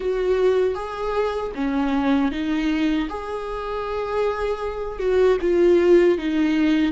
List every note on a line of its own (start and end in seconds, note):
0.00 0.74 F#4
0.74 1.51 G#4
1.55 2.31 C#4
2.31 3.08 D#4
3.09 4.99 G#4
4.99 5.37 F#4
5.41 6.17 F4
6.18 6.92 D#4